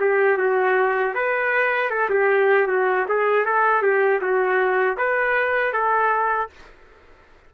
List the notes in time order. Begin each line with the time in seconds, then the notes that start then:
0.00 G4
0.37 F#4
1.14 B4
1.90 A4
2.10 G4
2.67 F#4
3.08 G#4
3.45 A4
3.82 G4
4.21 F#4
4.97 B4
5.73 A4